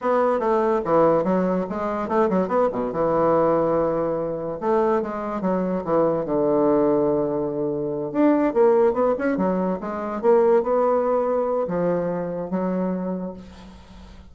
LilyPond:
\new Staff \with { instrumentName = "bassoon" } { \time 4/4 \tempo 4 = 144 b4 a4 e4 fis4 | gis4 a8 fis8 b8 b,8 e4~ | e2. a4 | gis4 fis4 e4 d4~ |
d2.~ d8 d'8~ | d'8 ais4 b8 cis'8 fis4 gis8~ | gis8 ais4 b2~ b8 | f2 fis2 | }